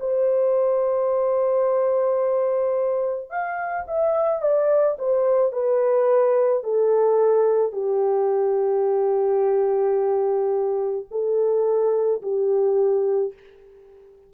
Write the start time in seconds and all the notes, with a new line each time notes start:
0.00 C5
3.30 F5
3.87 E5
4.41 D5
4.98 C5
5.52 B4
6.64 A4
7.72 G4
11.11 A4
12.22 G4